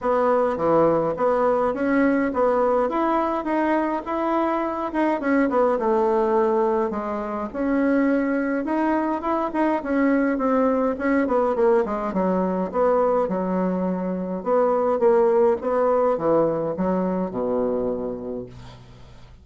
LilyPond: \new Staff \with { instrumentName = "bassoon" } { \time 4/4 \tempo 4 = 104 b4 e4 b4 cis'4 | b4 e'4 dis'4 e'4~ | e'8 dis'8 cis'8 b8 a2 | gis4 cis'2 dis'4 |
e'8 dis'8 cis'4 c'4 cis'8 b8 | ais8 gis8 fis4 b4 fis4~ | fis4 b4 ais4 b4 | e4 fis4 b,2 | }